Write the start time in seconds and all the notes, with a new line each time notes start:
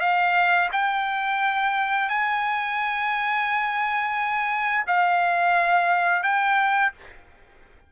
0.00 F5
0.72 G5
2.09 G#5
4.87 F5
6.23 G5